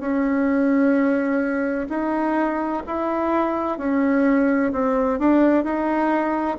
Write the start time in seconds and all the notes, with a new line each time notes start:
0.00 C#4
1.89 D#4
2.86 E4
3.78 C#4
4.72 C4
5.19 D4
5.64 D#4